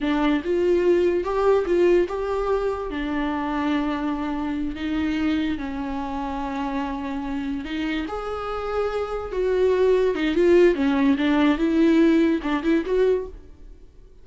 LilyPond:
\new Staff \with { instrumentName = "viola" } { \time 4/4 \tempo 4 = 145 d'4 f'2 g'4 | f'4 g'2 d'4~ | d'2.~ d'8 dis'8~ | dis'4. cis'2~ cis'8~ |
cis'2~ cis'8 dis'4 gis'8~ | gis'2~ gis'8 fis'4.~ | fis'8 dis'8 f'4 cis'4 d'4 | e'2 d'8 e'8 fis'4 | }